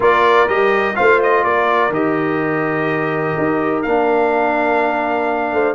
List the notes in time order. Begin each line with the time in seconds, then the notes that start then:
0.00 A#3 F4 A#4 D5
0.47 G3 G4 D#5
0.95 A3 F4 C5 F5
1.22 D#5
1.44 A#3 A#4 D5
1.90 D#3 G4 D#5
3.37 D#4
3.82 A#3 D4 F5
5.52 A3 C5